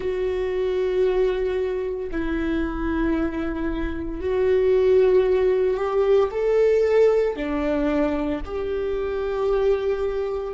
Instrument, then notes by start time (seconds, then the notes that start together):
viola
0.00 F#4
2.11 E4
4.20 F#4
5.77 G4
6.31 A4
7.35 D4
8.45 G4